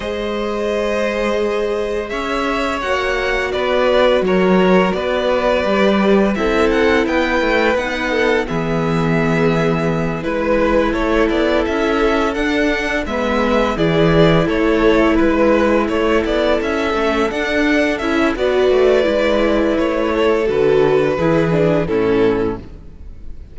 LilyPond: <<
  \new Staff \with { instrumentName = "violin" } { \time 4/4 \tempo 4 = 85 dis''2. e''4 | fis''4 d''4 cis''4 d''4~ | d''4 e''8 fis''8 g''4 fis''4 | e''2~ e''8 b'4 cis''8 |
d''8 e''4 fis''4 e''4 d''8~ | d''8 cis''4 b'4 cis''8 d''8 e''8~ | e''8 fis''4 e''8 d''2 | cis''4 b'2 a'4 | }
  \new Staff \with { instrumentName = "violin" } { \time 4/4 c''2. cis''4~ | cis''4 b'4 ais'4 b'4~ | b'4 a'4 b'4. a'8 | gis'2~ gis'8 b'4 a'8~ |
a'2~ a'8 b'4 gis'8~ | gis'8 a'4 b'4 a'4.~ | a'2 b'2~ | b'8 a'4. gis'4 e'4 | }
  \new Staff \with { instrumentName = "viola" } { \time 4/4 gis'1 | fis'1 | g'4 e'2 dis'4 | b2~ b8 e'4.~ |
e'4. d'4 b4 e'8~ | e'1 | cis'8 d'4 e'8 fis'4 e'4~ | e'4 fis'4 e'8 d'8 cis'4 | }
  \new Staff \with { instrumentName = "cello" } { \time 4/4 gis2. cis'4 | ais4 b4 fis4 b4 | g4 c'4 b8 a8 b4 | e2~ e8 gis4 a8 |
b8 cis'4 d'4 gis4 e8~ | e8 a4 gis4 a8 b8 cis'8 | a8 d'4 cis'8 b8 a8 gis4 | a4 d4 e4 a,4 | }
>>